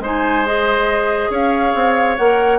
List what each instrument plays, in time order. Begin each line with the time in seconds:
0.00 bassoon G#3, clarinet D#4, oboe C5
0.07 flute G#5
0.46 clarinet G#4, flute D#5
1.30 bassoon C#4, oboe C#5, flute F5
1.75 bassoon C4
2.18 bassoon A#3, clarinet A#4, flute F#5